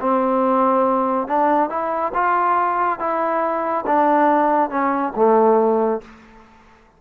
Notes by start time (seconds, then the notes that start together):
0.00 C4
1.27 D4
1.69 E4
2.14 F4
2.99 E4
3.86 D4
4.70 C#4
5.15 A3